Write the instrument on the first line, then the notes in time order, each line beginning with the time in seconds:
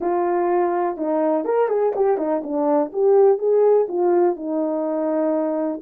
horn
0.00 F4
0.97 D#4
1.45 A#4
1.68 G#4
1.95 G4
2.17 D#4
2.43 D4
2.93 G4
3.38 G#4
3.88 F4
4.35 D#4